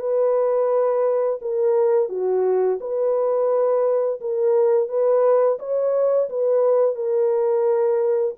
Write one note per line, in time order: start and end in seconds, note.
0.00 1.40 B4
1.42 2.10 A#4
2.10 2.79 F#4
2.81 4.21 B4
4.21 4.89 A#4
4.89 5.59 B4
5.59 6.29 C#5
6.30 6.95 B4
6.95 8.35 A#4